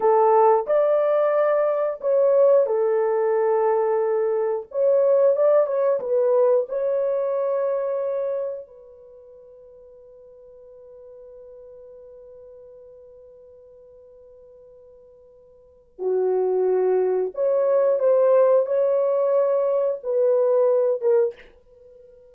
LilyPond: \new Staff \with { instrumentName = "horn" } { \time 4/4 \tempo 4 = 90 a'4 d''2 cis''4 | a'2. cis''4 | d''8 cis''8 b'4 cis''2~ | cis''4 b'2.~ |
b'1~ | b'1 | fis'2 cis''4 c''4 | cis''2 b'4. ais'8 | }